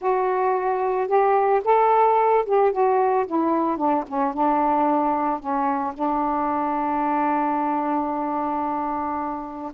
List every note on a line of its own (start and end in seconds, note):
0.01 1.07 F#4
1.07 1.61 G4
1.64 2.45 A4
2.45 2.72 G4
2.72 3.26 F#4
3.26 3.77 E4
3.77 4.04 D4
4.07 4.33 C#4
4.33 5.39 D4
5.39 5.93 C#4
5.94 9.72 D4